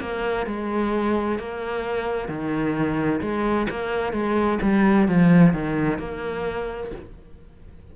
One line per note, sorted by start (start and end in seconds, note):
0.00 0.46 A#3
0.46 1.38 G#3
1.38 2.28 A#3
2.28 3.20 D#3
3.21 3.67 G#3
3.70 4.12 A#3
4.12 4.59 G#3
4.62 5.08 G3
5.08 5.53 F3
5.53 5.98 D#3
5.98 6.91 A#3